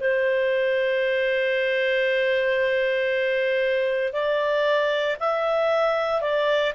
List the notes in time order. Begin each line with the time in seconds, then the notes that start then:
0.00 C5
4.13 D5
5.20 E5
6.21 D5